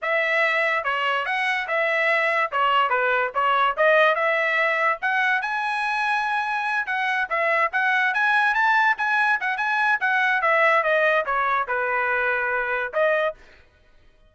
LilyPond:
\new Staff \with { instrumentName = "trumpet" } { \time 4/4 \tempo 4 = 144 e''2 cis''4 fis''4 | e''2 cis''4 b'4 | cis''4 dis''4 e''2 | fis''4 gis''2.~ |
gis''8 fis''4 e''4 fis''4 gis''8~ | gis''8 a''4 gis''4 fis''8 gis''4 | fis''4 e''4 dis''4 cis''4 | b'2. dis''4 | }